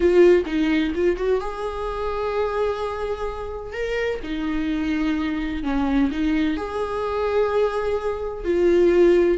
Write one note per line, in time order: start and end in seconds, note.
0.00 0.43 F4
0.45 0.92 D#4
0.95 1.16 F4
1.16 1.40 F#4
1.40 3.73 G#4
3.73 4.20 A#4
4.23 5.63 D#4
5.63 6.10 C#4
6.11 6.56 D#4
6.56 8.44 G#4
8.44 9.37 F4